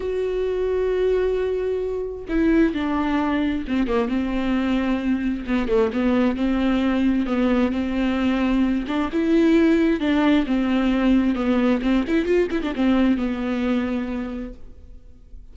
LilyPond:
\new Staff \with { instrumentName = "viola" } { \time 4/4 \tempo 4 = 132 fis'1~ | fis'4 e'4 d'2 | c'8 ais8 c'2. | b8 a8 b4 c'2 |
b4 c'2~ c'8 d'8 | e'2 d'4 c'4~ | c'4 b4 c'8 e'8 f'8 e'16 d'16 | c'4 b2. | }